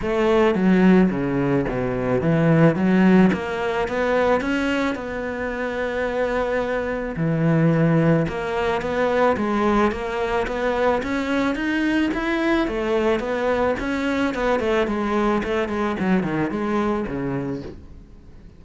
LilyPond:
\new Staff \with { instrumentName = "cello" } { \time 4/4 \tempo 4 = 109 a4 fis4 cis4 b,4 | e4 fis4 ais4 b4 | cis'4 b2.~ | b4 e2 ais4 |
b4 gis4 ais4 b4 | cis'4 dis'4 e'4 a4 | b4 cis'4 b8 a8 gis4 | a8 gis8 fis8 dis8 gis4 cis4 | }